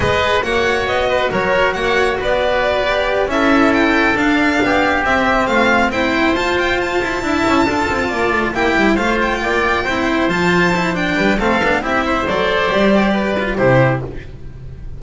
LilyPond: <<
  \new Staff \with { instrumentName = "violin" } { \time 4/4 \tempo 4 = 137 dis''4 fis''4 dis''4 cis''4 | fis''4 d''2~ d''8 e''8~ | e''8 g''4 f''2 e''8~ | e''8 f''4 g''4 a''8 g''8 a''8~ |
a''2.~ a''8 g''8~ | g''8 f''8 g''2~ g''8 a''8~ | a''4 g''4 f''4 e''4 | d''2. c''4 | }
  \new Staff \with { instrumentName = "oboe" } { \time 4/4 b'4 cis''4. b'8 ais'4 | cis''4 b'2~ b'8 a'8~ | a'2~ a'8 g'4.~ | g'8 f'4 c''2~ c''8~ |
c''8 e''4 a'4 d''4 g'8~ | g'8 c''4 d''4 c''4.~ | c''4. b'8 a'4 g'8 c''8~ | c''2 b'4 g'4 | }
  \new Staff \with { instrumentName = "cello" } { \time 4/4 gis'4 fis'2.~ | fis'2~ fis'8 g'4 e'8~ | e'4. d'2 c'8~ | c'4. e'4 f'4.~ |
f'8 e'4 f'2 e'8~ | e'8 f'2 e'4 f'8~ | f'8 e'8 d'4 c'8 d'8 e'4 | a'4 g'4. f'8 e'4 | }
  \new Staff \with { instrumentName = "double bass" } { \time 4/4 gis4 ais4 b4 fis4 | ais4 b2~ b8 cis'8~ | cis'4. d'4 b4 c'8~ | c'8 a4 c'4 f'4. |
e'8 d'8 cis'8 d'8 c'8 ais8 a8 ais8 | g8 a4 ais4 c'4 f8~ | f4. g8 a8 b8 c'4 | fis4 g2 c4 | }
>>